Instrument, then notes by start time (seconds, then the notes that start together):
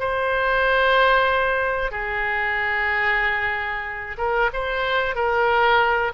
oboe
0.00 C5
1.91 G#4
4.18 A#4
4.54 C5
5.16 A#4